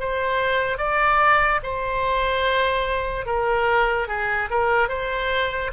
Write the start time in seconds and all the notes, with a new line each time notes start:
0.00 C5
0.78 D5
1.63 C5
3.26 A#4
4.08 G#4
4.51 A#4
4.89 C5